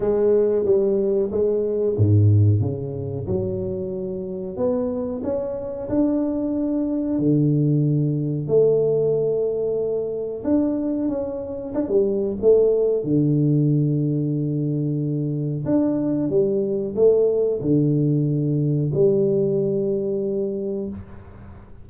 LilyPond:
\new Staff \with { instrumentName = "tuba" } { \time 4/4 \tempo 4 = 92 gis4 g4 gis4 gis,4 | cis4 fis2 b4 | cis'4 d'2 d4~ | d4 a2. |
d'4 cis'4 d'16 g8. a4 | d1 | d'4 g4 a4 d4~ | d4 g2. | }